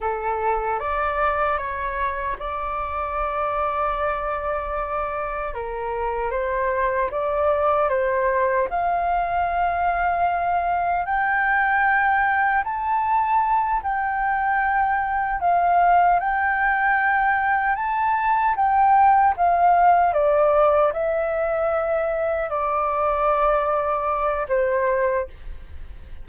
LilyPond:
\new Staff \with { instrumentName = "flute" } { \time 4/4 \tempo 4 = 76 a'4 d''4 cis''4 d''4~ | d''2. ais'4 | c''4 d''4 c''4 f''4~ | f''2 g''2 |
a''4. g''2 f''8~ | f''8 g''2 a''4 g''8~ | g''8 f''4 d''4 e''4.~ | e''8 d''2~ d''8 c''4 | }